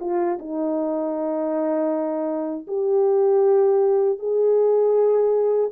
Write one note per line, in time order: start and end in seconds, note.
0.00 0.38 F4
0.39 2.67 D#4
2.67 4.18 G4
4.18 5.70 G#4